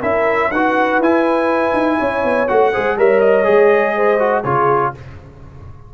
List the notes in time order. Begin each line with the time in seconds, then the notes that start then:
0.00 C#4 E4 A#4 E5
0.51 D#4 F#4 B4 F#5
0.98 E4 G#5
1.73 D#4
1.98 C#4 C#5
2.24 B3
2.48 A3 F#4 F#5
2.72 G#3 G#4 C5
2.97 G3 A#4 C#5 E5
3.20 D#5
3.44 G#3 G#4
3.96 C5
4.19 F#4
4.43 C#3 F4 G#4 C#5